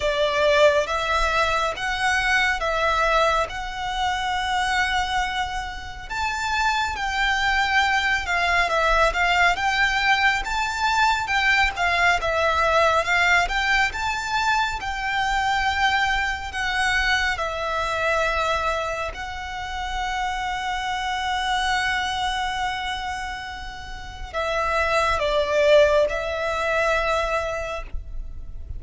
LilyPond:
\new Staff \with { instrumentName = "violin" } { \time 4/4 \tempo 4 = 69 d''4 e''4 fis''4 e''4 | fis''2. a''4 | g''4. f''8 e''8 f''8 g''4 | a''4 g''8 f''8 e''4 f''8 g''8 |
a''4 g''2 fis''4 | e''2 fis''2~ | fis''1 | e''4 d''4 e''2 | }